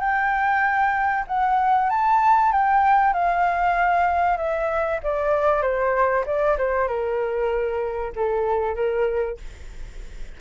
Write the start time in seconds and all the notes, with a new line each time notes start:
0.00 G5
1.27 F#5
1.89 A5
2.52 G5
3.13 F5
4.37 E5
5.03 D5
5.62 C5
6.26 D5
6.58 C5
6.88 A#4
8.16 A4
8.75 A#4